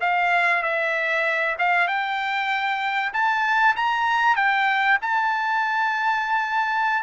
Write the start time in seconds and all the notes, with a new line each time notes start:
0.00 F5
0.62 E5
1.58 F5
1.87 G5
3.13 A5
3.76 A#5
4.36 G5
5.01 A5